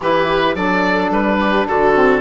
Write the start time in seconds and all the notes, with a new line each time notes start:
0.01 E3 E4 G4 B4
0.54 F#3 D4 A4 D5
1.10 G3 B4
1.39 G4
1.67 D3 F#4 A4
1.94 C4